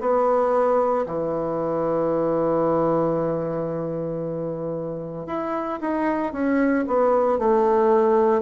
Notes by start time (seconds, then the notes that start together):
0.00 B3
1.06 E3
5.26 E4
5.81 D#4
6.32 C#4
6.87 B3
7.38 A3